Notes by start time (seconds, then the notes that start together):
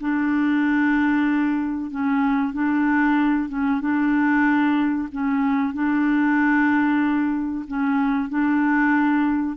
0.00 D4
1.91 C#4
2.53 D4
3.48 C#4
3.80 D4
5.12 C#4
5.73 D4
7.67 C#4
8.29 D4